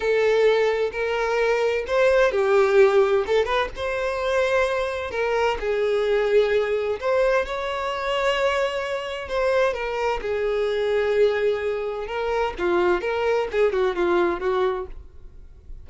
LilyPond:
\new Staff \with { instrumentName = "violin" } { \time 4/4 \tempo 4 = 129 a'2 ais'2 | c''4 g'2 a'8 b'8 | c''2. ais'4 | gis'2. c''4 |
cis''1 | c''4 ais'4 gis'2~ | gis'2 ais'4 f'4 | ais'4 gis'8 fis'8 f'4 fis'4 | }